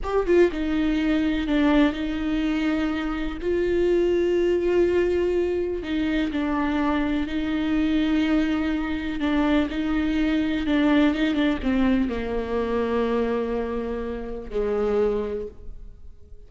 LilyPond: \new Staff \with { instrumentName = "viola" } { \time 4/4 \tempo 4 = 124 g'8 f'8 dis'2 d'4 | dis'2. f'4~ | f'1 | dis'4 d'2 dis'4~ |
dis'2. d'4 | dis'2 d'4 dis'8 d'8 | c'4 ais2.~ | ais2 gis2 | }